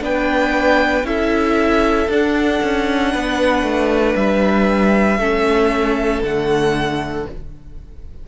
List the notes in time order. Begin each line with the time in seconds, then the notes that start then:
0.00 B3 D4 B4 G5
1.03 C#4 E4 A4 E5
2.08 D4 F#5
2.62 C#4
3.11 B3 B4
3.62 A3
4.15 G3 E5
5.18 A3 C#4 A4
6.22 D3 A3 F#5